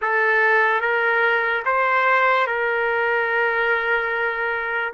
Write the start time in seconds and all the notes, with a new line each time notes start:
0.01 A4
0.80 A#4
1.65 C5
2.47 A#4